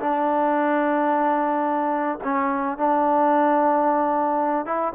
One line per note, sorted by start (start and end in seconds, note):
0.00 2.18 D4
2.23 2.77 C#4
2.77 4.65 D4
4.65 4.93 E4